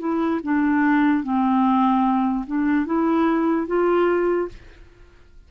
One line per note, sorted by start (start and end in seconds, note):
0.00 0.41 E4
0.44 1.24 D4
1.24 2.46 C4
2.47 2.86 D4
2.86 3.67 E4
3.67 4.49 F4